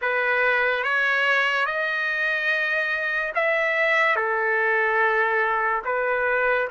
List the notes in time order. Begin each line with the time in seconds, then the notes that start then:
0.02 B4
0.83 C#5
1.66 D#5
3.34 E5
4.16 A4
5.84 B4